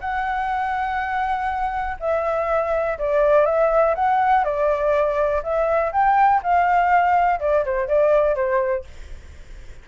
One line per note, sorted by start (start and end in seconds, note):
0.00 1.97 F#5
2.00 2.98 E5
2.99 3.45 D5
3.45 3.94 E5
3.95 4.44 F#5
4.44 5.42 D5
5.43 5.92 E5
5.92 6.41 G5
6.43 7.40 F5
7.40 7.64 D5
7.65 7.88 C5
7.88 8.35 D5
8.35 8.84 C5